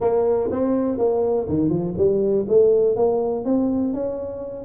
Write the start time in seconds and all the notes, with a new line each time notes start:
0.00 A#3
0.51 C4
0.97 A#3
1.48 D#3
1.69 F3
1.97 G3
2.48 A3
2.96 A#3
3.44 C4
3.93 C#4